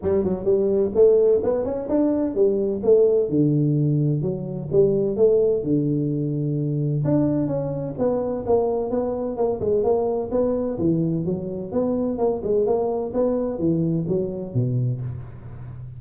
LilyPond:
\new Staff \with { instrumentName = "tuba" } { \time 4/4 \tempo 4 = 128 g8 fis8 g4 a4 b8 cis'8 | d'4 g4 a4 d4~ | d4 fis4 g4 a4 | d2. d'4 |
cis'4 b4 ais4 b4 | ais8 gis8 ais4 b4 e4 | fis4 b4 ais8 gis8 ais4 | b4 e4 fis4 b,4 | }